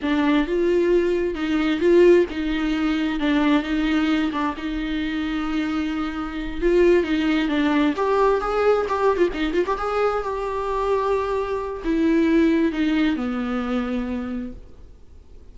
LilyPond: \new Staff \with { instrumentName = "viola" } { \time 4/4 \tempo 4 = 132 d'4 f'2 dis'4 | f'4 dis'2 d'4 | dis'4. d'8 dis'2~ | dis'2~ dis'8 f'4 dis'8~ |
dis'8 d'4 g'4 gis'4 g'8~ | g'16 f'16 dis'8 f'16 g'16 gis'4 g'4.~ | g'2 e'2 | dis'4 b2. | }